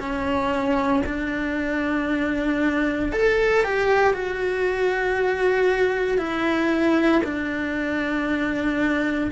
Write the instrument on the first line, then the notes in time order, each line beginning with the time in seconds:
cello
0.00 C#4
1.06 D4
3.13 A4
3.64 G4
4.14 F#4
6.18 E4
7.25 D4